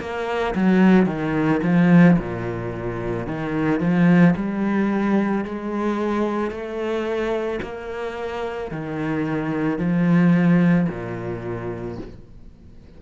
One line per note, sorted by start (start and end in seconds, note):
0.00 0.55 A#3
0.56 1.06 F#3
1.06 1.61 D#3
1.63 2.18 F3
2.19 3.27 A#2
3.27 3.80 D#3
3.80 4.35 F3
4.36 5.45 G3
5.45 6.51 G#3
6.51 7.60 A3
7.63 8.71 A#3
8.71 9.78 D#3
9.78 10.87 F3
10.89 11.99 A#2